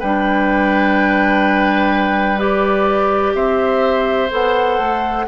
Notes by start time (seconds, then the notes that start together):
0.00 G3 D4 B4 G5
2.38 G4 D5
3.34 C4 C5 E5
4.31 B3 A4 F#5
4.79 A3